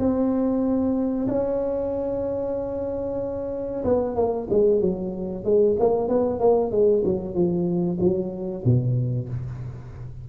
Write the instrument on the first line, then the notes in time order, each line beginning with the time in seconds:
tuba
0.00 C4
1.29 C#4
3.85 B3
4.16 A#3
4.50 G#3
4.81 F#3
5.45 G#3
5.80 A#3
6.09 B3
6.40 A#3
6.71 G#3
7.05 F#3
7.35 F3
8.00 F#3
8.65 B2